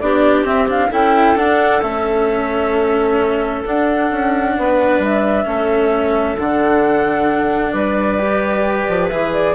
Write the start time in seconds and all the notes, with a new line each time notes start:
0.00 B3 D4 G4 D5
0.44 C4 E5
0.68 D4 F5
0.90 C#4 E4 A4 G5
1.36 D4 F#5
1.82 A3 C#4 E5
3.66 D4 F#5
4.12 C#4
4.58 B3 B4
4.99 G3 E5
5.45 A3 C#4 A4
6.38 D3 D4 F#5
7.72 G3 B4 D5
8.19 G4
8.89 F3
9.09 E3 G#4 E5
9.33 D5